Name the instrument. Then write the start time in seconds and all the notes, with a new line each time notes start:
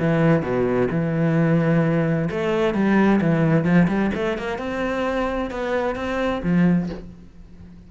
cello
0.00 E3
0.43 B2
0.91 E3
2.31 A3
2.75 G3
3.22 E3
3.65 F3
3.88 G3
4.15 A3
4.38 A#3
4.59 C4
5.51 B3
5.96 C4
6.44 F3